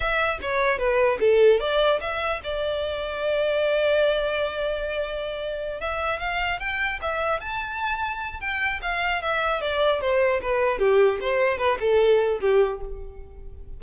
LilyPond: \new Staff \with { instrumentName = "violin" } { \time 4/4 \tempo 4 = 150 e''4 cis''4 b'4 a'4 | d''4 e''4 d''2~ | d''1~ | d''2~ d''8 e''4 f''8~ |
f''8 g''4 e''4 a''4.~ | a''4 g''4 f''4 e''4 | d''4 c''4 b'4 g'4 | c''4 b'8 a'4. g'4 | }